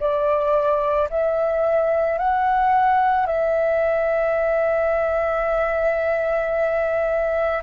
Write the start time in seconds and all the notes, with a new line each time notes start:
0.00 D5
1.10 E5
2.19 F#5
3.27 E5